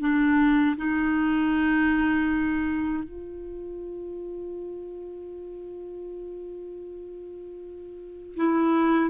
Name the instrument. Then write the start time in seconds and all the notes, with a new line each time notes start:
clarinet
0.00 D4
0.77 D#4
3.04 F4
8.36 E4